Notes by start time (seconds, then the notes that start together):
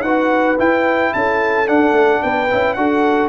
0.00 D#4 F#4 B4 F#5
0.58 E4 G5
1.13 C#4 A4 A5
1.66 D4 F#5
1.92 A3
2.22 B3 B4 G5
2.50 C#4 E4
2.74 D4 F#4 A4 F#5